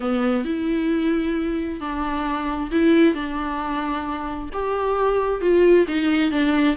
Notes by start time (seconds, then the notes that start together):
0.00 B3
0.44 E4
1.80 D4
2.71 E4
3.14 D4
4.52 G4
5.41 F4
5.87 D#4
6.31 D4